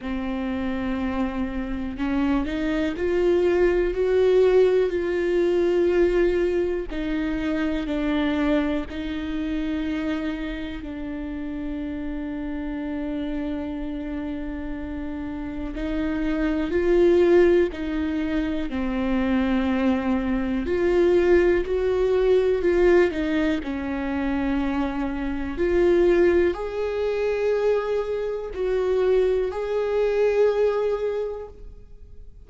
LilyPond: \new Staff \with { instrumentName = "viola" } { \time 4/4 \tempo 4 = 61 c'2 cis'8 dis'8 f'4 | fis'4 f'2 dis'4 | d'4 dis'2 d'4~ | d'1 |
dis'4 f'4 dis'4 c'4~ | c'4 f'4 fis'4 f'8 dis'8 | cis'2 f'4 gis'4~ | gis'4 fis'4 gis'2 | }